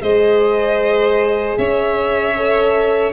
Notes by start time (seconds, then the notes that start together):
0.00 G#3 G#4 C5 D#5
1.57 C#4 C#5 E5
2.36 A4